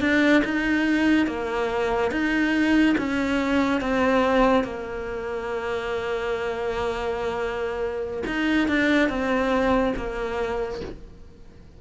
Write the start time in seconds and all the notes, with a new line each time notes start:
0.00 D4
0.44 D#4
1.26 A#3
2.11 D#4
2.97 C#4
3.81 C4
4.64 A#3
8.26 D#4
8.67 D4
9.09 C4
9.96 A#3